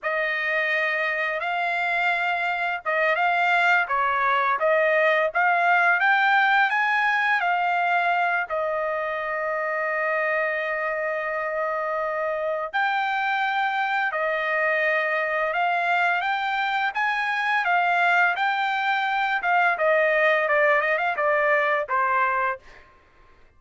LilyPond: \new Staff \with { instrumentName = "trumpet" } { \time 4/4 \tempo 4 = 85 dis''2 f''2 | dis''8 f''4 cis''4 dis''4 f''8~ | f''8 g''4 gis''4 f''4. | dis''1~ |
dis''2 g''2 | dis''2 f''4 g''4 | gis''4 f''4 g''4. f''8 | dis''4 d''8 dis''16 f''16 d''4 c''4 | }